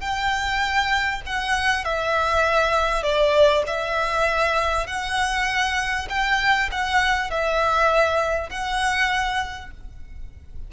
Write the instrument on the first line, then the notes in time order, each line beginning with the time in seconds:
violin
0.00 G5
1.26 F#5
1.84 E5
3.02 D5
3.66 E5
4.87 F#5
6.09 G5
6.71 F#5
7.30 E5
8.49 F#5